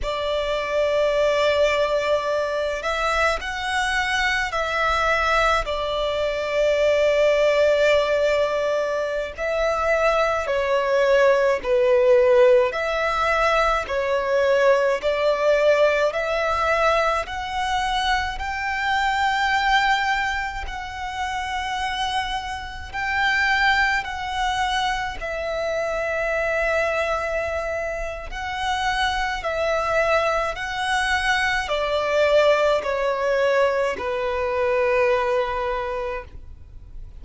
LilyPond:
\new Staff \with { instrumentName = "violin" } { \time 4/4 \tempo 4 = 53 d''2~ d''8 e''8 fis''4 | e''4 d''2.~ | d''16 e''4 cis''4 b'4 e''8.~ | e''16 cis''4 d''4 e''4 fis''8.~ |
fis''16 g''2 fis''4.~ fis''16~ | fis''16 g''4 fis''4 e''4.~ e''16~ | e''4 fis''4 e''4 fis''4 | d''4 cis''4 b'2 | }